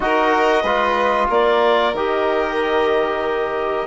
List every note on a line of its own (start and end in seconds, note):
0.00 0.63 D#4
0.00 0.63 F#4
0.00 0.62 A#4
0.00 1.28 D#5
0.62 1.28 G#3
0.62 1.94 F4
0.62 1.27 B4
1.29 1.93 A#3
1.29 3.86 A#4
1.29 1.95 D5
1.93 3.86 D#3
1.93 3.86 G4
1.93 3.86 D#5